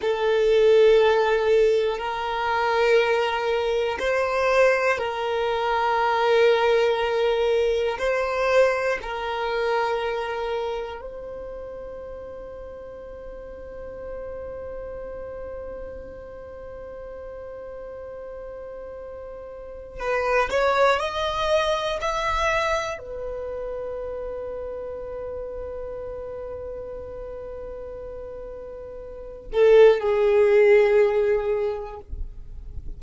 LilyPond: \new Staff \with { instrumentName = "violin" } { \time 4/4 \tempo 4 = 60 a'2 ais'2 | c''4 ais'2. | c''4 ais'2 c''4~ | c''1~ |
c''1 | b'8 cis''8 dis''4 e''4 b'4~ | b'1~ | b'4. a'8 gis'2 | }